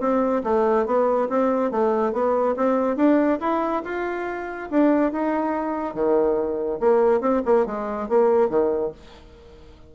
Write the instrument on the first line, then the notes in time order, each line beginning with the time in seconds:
bassoon
0.00 C4
0.44 A3
0.86 B3
1.29 C4
1.71 A3
2.13 B3
2.56 C4
2.97 D4
3.40 E4
3.85 F4
4.71 D4
5.12 D#4
5.94 D#3
6.80 A#3
7.21 C4
7.45 A#3
7.66 G#3
8.09 A#3
8.49 D#3